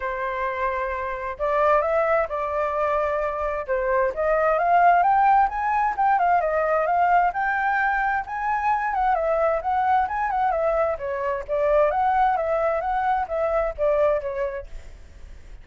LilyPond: \new Staff \with { instrumentName = "flute" } { \time 4/4 \tempo 4 = 131 c''2. d''4 | e''4 d''2. | c''4 dis''4 f''4 g''4 | gis''4 g''8 f''8 dis''4 f''4 |
g''2 gis''4. fis''8 | e''4 fis''4 gis''8 fis''8 e''4 | cis''4 d''4 fis''4 e''4 | fis''4 e''4 d''4 cis''4 | }